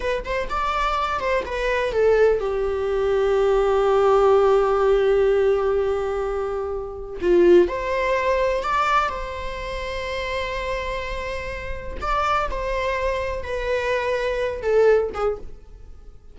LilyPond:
\new Staff \with { instrumentName = "viola" } { \time 4/4 \tempo 4 = 125 b'8 c''8 d''4. c''8 b'4 | a'4 g'2.~ | g'1~ | g'2. f'4 |
c''2 d''4 c''4~ | c''1~ | c''4 d''4 c''2 | b'2~ b'8 a'4 gis'8 | }